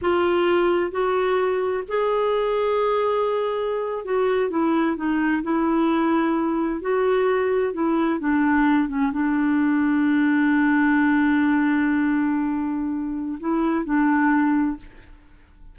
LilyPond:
\new Staff \with { instrumentName = "clarinet" } { \time 4/4 \tempo 4 = 130 f'2 fis'2 | gis'1~ | gis'8. fis'4 e'4 dis'4 e'16~ | e'2~ e'8. fis'4~ fis'16~ |
fis'8. e'4 d'4. cis'8 d'16~ | d'1~ | d'1~ | d'4 e'4 d'2 | }